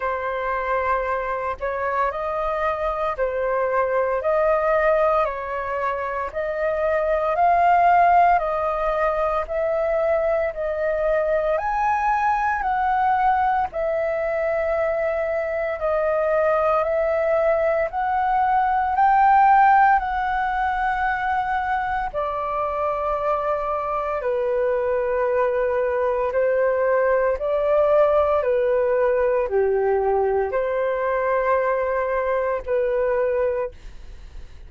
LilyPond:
\new Staff \with { instrumentName = "flute" } { \time 4/4 \tempo 4 = 57 c''4. cis''8 dis''4 c''4 | dis''4 cis''4 dis''4 f''4 | dis''4 e''4 dis''4 gis''4 | fis''4 e''2 dis''4 |
e''4 fis''4 g''4 fis''4~ | fis''4 d''2 b'4~ | b'4 c''4 d''4 b'4 | g'4 c''2 b'4 | }